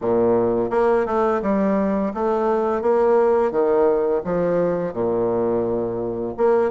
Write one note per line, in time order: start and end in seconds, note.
0.01 0.70 A#2
0.70 1.06 A#3
1.06 1.41 A3
1.41 2.12 G3
2.14 2.81 A3
2.81 3.51 A#3
3.51 4.21 D#3
4.24 4.93 F3
4.93 6.34 A#2
6.37 6.71 A#3